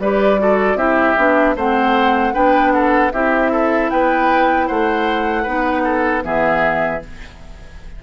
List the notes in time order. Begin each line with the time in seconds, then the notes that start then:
0.00 G3 G4 B4 D5
0.39 F#4 A4
0.75 C4 E4 G4 E5
1.17 B3 D4
1.56 A3 C4 C5 F#5
2.34 B3 D4 B4 G5
2.73 A4 F#5
3.13 C4 E4 G4 E5
3.52 A4
3.91 B3 B4 G5
4.68 A3 C5 F#5
5.43 B3 D#4 B4
5.85 A4
6.22 E3 B3 G#4 E5